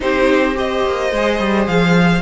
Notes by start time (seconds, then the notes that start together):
0.00 C4 D#4 G4 C5
0.54 G4 C5 D#5
0.85 A#3
1.12 G#3 G#4
1.39 G3
1.67 F3 F5